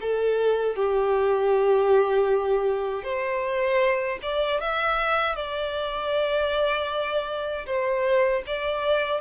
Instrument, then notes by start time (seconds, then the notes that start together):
violin
0.00 A4
0.76 G4
3.03 C5
4.22 D5
4.60 E5
5.35 D5
7.66 C5
8.46 D5